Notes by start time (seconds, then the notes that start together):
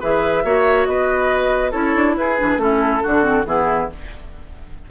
0.00 E3 G#4 B4 E5
0.44 A#3 F#4 C#5
0.85 B3 B4 D#5
1.71 C#4 E4 A4 C#5
1.96 D4
2.16 E4 G#4 B4
2.37 E3 D4
2.57 A3 C#4 E4 A4
3.03 D3 D4 F#4
3.23 C4
3.45 E3 B3 E4 G#4